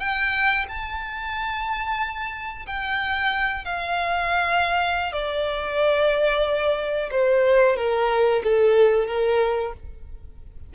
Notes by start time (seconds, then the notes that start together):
0.00 G5
0.69 A5
2.67 G5
3.65 F5
5.12 D5
7.11 C5
7.77 A#4
8.44 A4
9.08 A#4